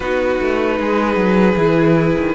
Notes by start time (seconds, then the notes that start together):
0.00 B3 D#4 F#4 B4
0.40 A3
0.79 G#3 G#4
1.15 F#3
1.56 E3 E4
2.17 D#3